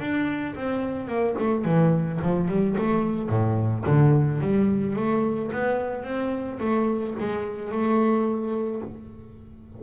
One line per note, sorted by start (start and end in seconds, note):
0.00 0.55 D4
0.56 1.08 C4
1.08 1.36 A#3
1.39 1.65 A3
1.65 2.20 E3
2.22 2.49 F3
2.49 2.76 G3
2.78 3.30 A3
3.30 3.85 A2
3.86 4.41 D3
4.41 4.96 G3
4.96 5.51 A3
5.52 6.04 B3
6.04 6.59 C4
6.60 7.15 A3
7.20 7.72 G#3
7.72 8.82 A3